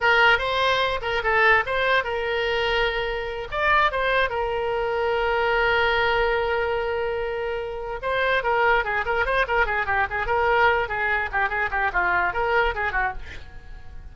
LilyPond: \new Staff \with { instrumentName = "oboe" } { \time 4/4 \tempo 4 = 146 ais'4 c''4. ais'8 a'4 | c''4 ais'2.~ | ais'8 d''4 c''4 ais'4.~ | ais'1~ |
ais'2.~ ais'8 c''8~ | c''8 ais'4 gis'8 ais'8 c''8 ais'8 gis'8 | g'8 gis'8 ais'4. gis'4 g'8 | gis'8 g'8 f'4 ais'4 gis'8 fis'8 | }